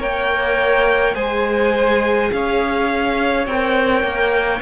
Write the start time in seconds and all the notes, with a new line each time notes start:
0.00 A#3 A#4 C#5 G5
1.15 G#3 G#4 C5 G#5
2.32 C#4 C#5 F5
3.47 C4 A#4 G5
4.04 A#3